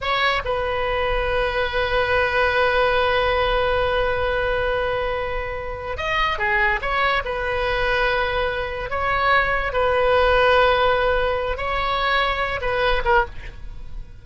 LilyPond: \new Staff \with { instrumentName = "oboe" } { \time 4/4 \tempo 4 = 145 cis''4 b'2.~ | b'1~ | b'1~ | b'2~ b'8 dis''4 gis'8~ |
gis'8 cis''4 b'2~ b'8~ | b'4. cis''2 b'8~ | b'1 | cis''2~ cis''8 b'4 ais'8 | }